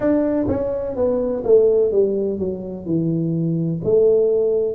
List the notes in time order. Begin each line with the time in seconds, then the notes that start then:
0.00 D4
0.48 C#4
0.95 B3
1.44 A3
1.91 G3
2.38 F#3
2.85 E3
3.84 A3